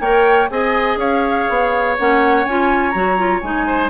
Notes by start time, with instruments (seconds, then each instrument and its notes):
0.00 bassoon A#3, clarinet A#4, oboe C#5, flute G5
0.50 bassoon C4, clarinet G#4, oboe D#5, flute G#5
0.96 bassoon C#4, oboe C#5, flute F5
1.49 bassoon B3
1.98 bassoon A#3, clarinet C#4, flute F#5
2.45 bassoon C#4, clarinet F4, flute G#5
2.91 bassoon F#3, clarinet F#4, flute A#5
3.18 clarinet F4
3.41 bassoon G#3, clarinet D#4, flute G#5
3.67 oboe C5